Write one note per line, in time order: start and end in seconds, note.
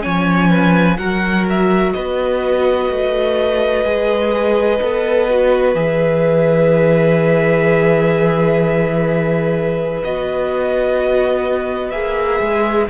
0.00 0.98 F3
0.00 0.95 C#4
0.00 0.50 C#5
0.00 0.97 G#5
0.50 0.97 B4
0.97 1.93 F#3
0.97 3.84 F#4
0.97 1.94 A#4
0.97 1.45 F#5
1.49 1.93 E5
1.93 2.90 B3
1.93 12.90 B4
1.93 5.74 D#5
2.90 3.85 A3
3.84 4.80 G#3
3.84 4.80 G#4
4.82 5.75 B3
4.82 5.29 A4
5.29 5.75 F#4
5.75 10.03 E3
5.75 10.03 G#4
5.75 10.04 E5
10.04 11.93 B3
10.04 11.92 F#4
10.04 11.90 D#5
11.90 12.40 A#3
11.90 12.87 G#4
11.90 12.86 E5
12.41 12.88 G#3